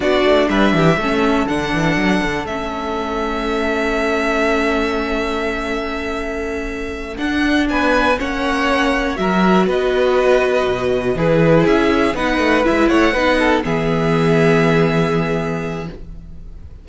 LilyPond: <<
  \new Staff \with { instrumentName = "violin" } { \time 4/4 \tempo 4 = 121 d''4 e''2 fis''4~ | fis''4 e''2.~ | e''1~ | e''2~ e''8 fis''4 gis''8~ |
gis''8 fis''2 e''4 dis''8~ | dis''2~ dis''8 b'4 e''8~ | e''8 fis''4 e''8 fis''4. e''8~ | e''1 | }
  \new Staff \with { instrumentName = "violin" } { \time 4/4 fis'4 b'8 g'8 a'2~ | a'1~ | a'1~ | a'2.~ a'8 b'8~ |
b'8 cis''2 ais'4 b'8~ | b'2~ b'8 gis'4.~ | gis'8 b'4. cis''8 b'8 a'8 gis'8~ | gis'1 | }
  \new Staff \with { instrumentName = "viola" } { \time 4/4 d'2 cis'4 d'4~ | d'4 cis'2.~ | cis'1~ | cis'2~ cis'8 d'4.~ |
d'8 cis'2 fis'4.~ | fis'2~ fis'8 e'4.~ | e'8 dis'4 e'4 dis'4 b8~ | b1 | }
  \new Staff \with { instrumentName = "cello" } { \time 4/4 b8 a8 g8 e8 a4 d8 e8 | fis8 d8 a2.~ | a1~ | a2~ a8 d'4 b8~ |
b8 ais2 fis4 b8~ | b4. b,4 e4 cis'8~ | cis'8 b8 a8 gis8 a8 b4 e8~ | e1 | }
>>